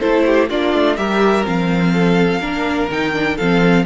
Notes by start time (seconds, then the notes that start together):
0.00 A3 E4 A4 C5
0.26 G4
0.50 A#3 D4 F4 D5
0.74 A3
0.97 G3 G4 A#4 E5
1.44 F3 C4 F5
1.93 A4
2.41 A#3 D4 A#4
2.90 D#3 D#4 G5
3.13 D4
3.36 F3 C4 A4 F5